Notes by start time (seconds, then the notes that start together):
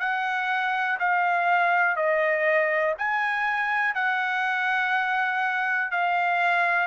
0.00 F#5
1.00 F5
1.96 D#5
2.99 G#5
3.95 F#5
5.91 F5